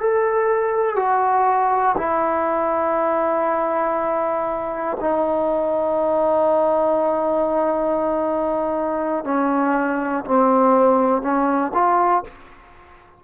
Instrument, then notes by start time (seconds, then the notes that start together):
trombone
0.00 A4
0.96 F#4
1.98 E4
5.00 D#4
9.25 C#4
10.25 C4
11.22 C#4
11.74 F4